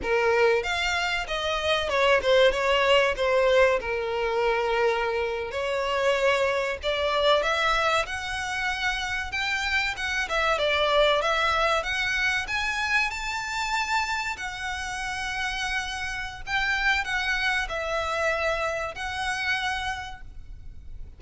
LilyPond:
\new Staff \with { instrumentName = "violin" } { \time 4/4 \tempo 4 = 95 ais'4 f''4 dis''4 cis''8 c''8 | cis''4 c''4 ais'2~ | ais'8. cis''2 d''4 e''16~ | e''8. fis''2 g''4 fis''16~ |
fis''16 e''8 d''4 e''4 fis''4 gis''16~ | gis''8. a''2 fis''4~ fis''16~ | fis''2 g''4 fis''4 | e''2 fis''2 | }